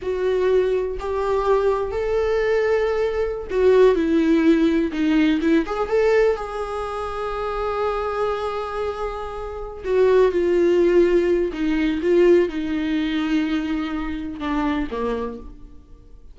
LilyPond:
\new Staff \with { instrumentName = "viola" } { \time 4/4 \tempo 4 = 125 fis'2 g'2 | a'2.~ a'16 fis'8.~ | fis'16 e'2 dis'4 e'8 gis'16~ | gis'16 a'4 gis'2~ gis'8.~ |
gis'1~ | gis'8 fis'4 f'2~ f'8 | dis'4 f'4 dis'2~ | dis'2 d'4 ais4 | }